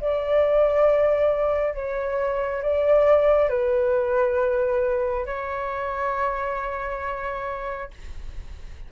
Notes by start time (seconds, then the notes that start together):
0.00 D5
1.74 C#5
2.61 D5
3.49 B4
5.25 C#5